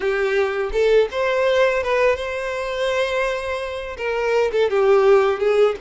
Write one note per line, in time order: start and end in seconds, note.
0.00 0.70 G4
0.72 1.08 A4
1.11 1.83 C5
1.83 2.16 B4
2.16 3.96 C5
3.97 4.51 A#4
4.51 4.70 A4
4.70 5.39 G4
5.39 5.75 G#4